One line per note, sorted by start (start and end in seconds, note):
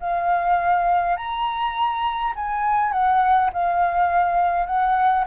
0.00 1.17 F5
1.17 2.33 A#5
2.35 2.92 G#5
2.92 3.50 F#5
3.53 4.66 F5
4.66 5.24 F#5